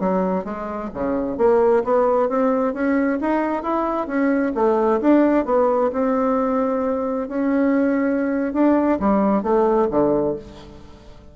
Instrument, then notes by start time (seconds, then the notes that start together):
bassoon
0.00 F#3
0.45 G#3
0.94 C#3
1.38 A#3
1.84 B3
2.29 C4
2.74 C#4
3.21 D#4
3.63 E4
4.07 C#4
4.55 A3
5.01 D4
5.46 B3
5.93 C4
7.29 C#4
8.54 D4
9.00 G3
9.43 A3
9.91 D3